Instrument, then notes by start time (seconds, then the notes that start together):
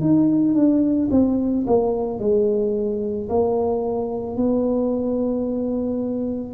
tuba
0.00 D#4
0.54 D4
1.11 C4
1.66 A#3
2.19 G#3
3.29 A#3
4.36 B3